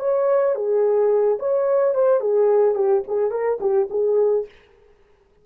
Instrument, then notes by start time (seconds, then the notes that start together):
horn
0.00 C#5
0.55 G#4
1.40 C#5
1.95 C5
2.21 G#4
2.75 G4
3.08 G#4
3.31 A#4
3.61 G4
3.90 G#4